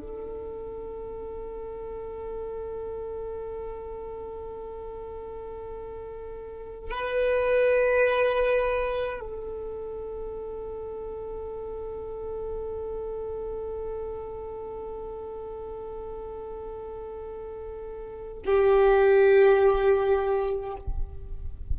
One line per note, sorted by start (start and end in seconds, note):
0.00 6.91 A4
6.91 9.19 B4
9.19 18.43 A4
18.45 20.76 G4